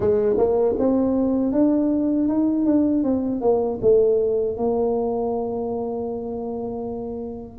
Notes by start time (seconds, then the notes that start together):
0.00 G#3
0.37 A#3
0.78 C4
1.52 D4
2.28 D#4
2.65 D4
3.03 C4
3.41 A#3
3.81 A3
4.57 A#3